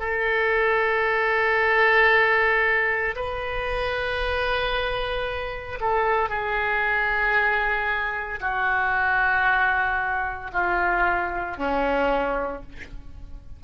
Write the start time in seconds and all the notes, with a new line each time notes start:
0.00 A4
3.16 B4
5.81 A4
6.30 G#4
8.41 F#4
10.53 F4
11.57 C#4